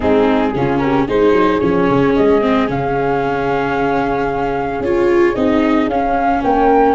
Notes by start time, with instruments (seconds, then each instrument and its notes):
0.00 tuba G#3, viola C4, horn D#4, flute G#4
0.55 tuba C#3, viola C#4, horn F4
0.78 horn G4, flute A#4
1.07 tuba G#3, viola D#4, horn G#4, flute C5
1.32 tuba F#3
1.59 tuba F3, viola C#4, flute C#5
1.89 tuba C#3
2.15 tuba G#3, flute D#5
2.41 viola C4
2.67 tuba C#3, viola C#4, flute F5
4.80 tuba C#4, viola F4, flute C#5
5.35 tuba C4, viola D#4, flute D#5
5.86 tuba C#4, viola C#4, flute F5
6.43 tuba A#3, horn A#4, flute G5